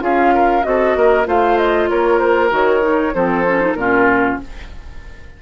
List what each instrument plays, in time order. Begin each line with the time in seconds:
0.00 bassoon C#4, clarinet F4, oboe G#4, flute F5
0.34 oboe A#4
0.62 bassoon C4, clarinet F#4, flute D#5
0.68 oboe A4
0.96 bassoon A#3, oboe A#4
1.26 bassoon A3, clarinet F4, oboe C5, flute F5
1.57 flute D#5
1.89 bassoon A#3, oboe A#4, flute C#5
2.19 flute C5
2.50 bassoon D#3, clarinet F#4, flute C#5
2.81 clarinet D#4
3.14 bassoon F3, clarinet C4, oboe A4, flute C5
3.46 clarinet C#4
3.61 clarinet D#4
3.74 bassoon A#2, clarinet C#4, oboe F4, flute A#4